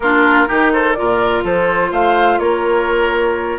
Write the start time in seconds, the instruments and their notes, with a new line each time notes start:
0.00 bassoon A#3, clarinet D4, oboe F4, flute A#4
0.47 bassoon D#3, clarinet D#4, oboe G4
0.72 oboe A4, flute C5
0.94 bassoon A#2, clarinet F4, oboe A#4, flute D5
1.44 bassoon F3, oboe A4, flute C5
1.91 bassoon A3, oboe C5, flute F5
2.38 bassoon A#3, oboe A#4, flute C#5